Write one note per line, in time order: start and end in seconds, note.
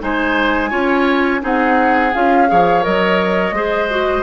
0.00 0.71 G#3
0.00 0.70 D#4
0.00 0.70 C5
0.00 1.43 G#5
0.70 1.42 C#4
0.70 1.40 F4
0.70 1.40 C#5
1.40 2.13 C4
1.40 2.11 D#4
1.40 2.48 G#4
1.40 2.13 F#5
2.13 2.50 C#4
2.13 2.47 F4
2.13 2.83 F5
2.47 2.86 F3
2.47 2.82 G#4
2.47 3.55 C#5
2.82 3.51 F#3
2.82 3.52 A#4
2.82 4.22 D#5
3.51 4.21 G#3
3.51 3.90 G#4
3.51 4.22 C5
3.90 4.22 F#4